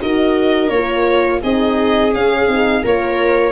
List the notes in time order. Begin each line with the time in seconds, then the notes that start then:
0.00 D#4 F#4 A#4 D#5
0.69 A#3 F4 C#5
1.42 C4 D#4 G#4 D#5
2.11 C#4 F5
2.47 C4 D#4
2.83 A#3 F4 A#4 C#5